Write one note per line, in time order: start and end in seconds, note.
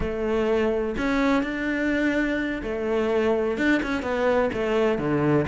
0.00 0.95 A3
0.97 1.43 C#4
1.43 2.62 D4
2.63 3.57 A3
3.57 3.81 D4
3.82 4.02 C#4
4.02 4.50 B3
4.53 4.98 A3
4.98 5.46 D3